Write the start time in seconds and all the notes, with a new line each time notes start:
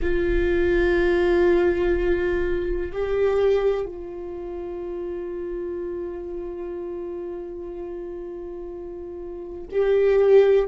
0.01 F4
2.92 G4
3.85 F4
9.71 G4